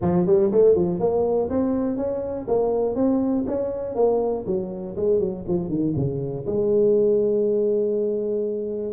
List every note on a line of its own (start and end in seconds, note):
0.01 0.26 F3
0.26 0.51 G3
0.51 0.75 A3
0.75 0.99 F3
0.99 1.49 A#3
1.49 1.96 C4
1.96 2.46 C#4
2.47 2.95 A#3
2.95 3.44 C4
3.46 3.95 C#4
3.95 4.44 A#3
4.46 4.95 F#3
4.96 5.19 G#3
5.19 5.44 F#3
5.47 5.68 F3
5.68 5.93 D#3
5.95 6.45 C#3
6.46 8.92 G#3